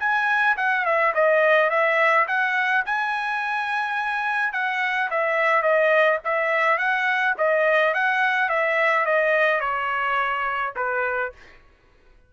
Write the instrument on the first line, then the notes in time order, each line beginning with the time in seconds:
trumpet
0.00 G#5
0.57 F#5
0.85 E5
1.15 D#5
1.70 E5
2.28 F#5
2.86 G#5
4.53 F#5
5.11 E5
5.63 D#5
6.25 E5
6.78 F#5
7.38 D#5
7.94 F#5
8.50 E5
9.06 D#5
9.61 C#5
10.76 B4